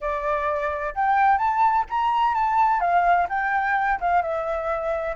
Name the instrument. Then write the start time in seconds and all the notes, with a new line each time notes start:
flute
0.00 D5
0.94 G5
1.37 A5
1.89 A#5
2.34 A5
2.80 F5
3.29 G5
4.00 F5
4.22 E5